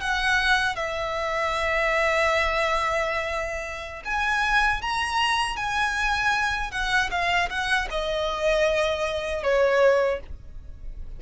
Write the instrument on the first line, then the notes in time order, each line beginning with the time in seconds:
violin
0.00 F#5
0.76 E5
4.04 G#5
4.81 A#5
5.56 G#5
6.71 F#5
7.10 F5
7.49 F#5
7.90 D#5
9.43 C#5